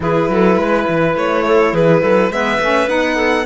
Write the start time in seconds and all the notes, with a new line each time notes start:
0.00 E3 E4 G#4 B4
0.28 F#3 A4
0.55 G#3 B4
0.88 E3
1.15 A3 C#5
1.46 A4
1.72 E3 G#4 B4
2.01 F#3 A4
2.30 G#3 B3 B4 E5
2.59 A3 C#4
2.87 B3 D#4 F#5
3.16 A4